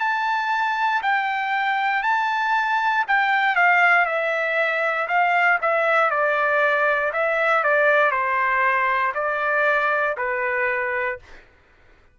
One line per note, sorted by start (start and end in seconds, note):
0.00 1.02 A5
1.03 2.03 G5
2.03 3.05 A5
3.07 3.55 G5
3.55 4.06 F5
4.06 5.08 E5
5.08 5.59 F5
5.62 6.10 E5
6.10 7.12 D5
7.13 7.64 E5
7.64 8.11 D5
8.11 9.12 C5
9.14 10.16 D5
10.17 11.19 B4